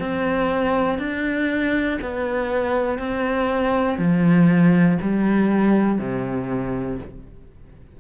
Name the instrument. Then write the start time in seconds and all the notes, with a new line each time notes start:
cello
0.00 C4
0.99 D4
2.02 B3
2.99 C4
3.98 F3
5.02 G3
5.99 C3